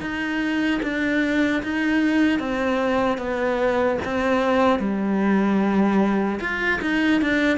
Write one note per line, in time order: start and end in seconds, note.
0.00 0.80 D#4
0.83 1.63 D4
1.63 2.39 D#4
2.39 3.17 C4
3.17 3.97 B3
4.05 4.79 C4
4.79 6.39 G3
6.40 6.80 F4
6.81 7.21 D#4
7.21 7.57 D4